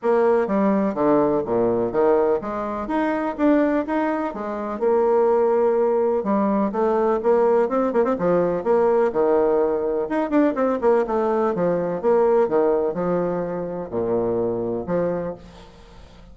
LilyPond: \new Staff \with { instrumentName = "bassoon" } { \time 4/4 \tempo 4 = 125 ais4 g4 d4 ais,4 | dis4 gis4 dis'4 d'4 | dis'4 gis4 ais2~ | ais4 g4 a4 ais4 |
c'8 ais16 c'16 f4 ais4 dis4~ | dis4 dis'8 d'8 c'8 ais8 a4 | f4 ais4 dis4 f4~ | f4 ais,2 f4 | }